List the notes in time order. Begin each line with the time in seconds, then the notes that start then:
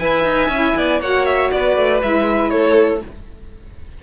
0.00 E4 B4 E5 G#5
0.24 D#4
0.49 C#4 E4
0.76 B3 D5
1.01 A#3 F#4 C#5 F#5
1.26 E5
1.51 B3 B4 D5
1.77 A3
2.03 G#3 E4 E5
2.50 A3 A4 C#5